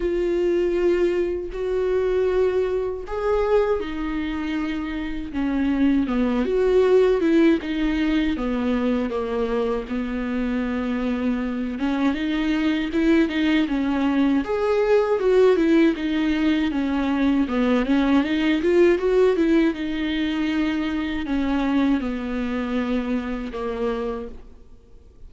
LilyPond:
\new Staff \with { instrumentName = "viola" } { \time 4/4 \tempo 4 = 79 f'2 fis'2 | gis'4 dis'2 cis'4 | b8 fis'4 e'8 dis'4 b4 | ais4 b2~ b8 cis'8 |
dis'4 e'8 dis'8 cis'4 gis'4 | fis'8 e'8 dis'4 cis'4 b8 cis'8 | dis'8 f'8 fis'8 e'8 dis'2 | cis'4 b2 ais4 | }